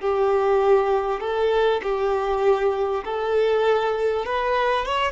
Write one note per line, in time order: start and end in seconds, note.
0.00 1.20 G4
1.20 1.81 A4
1.83 3.04 G4
3.04 4.25 A4
4.25 4.85 B4
4.85 5.12 C#5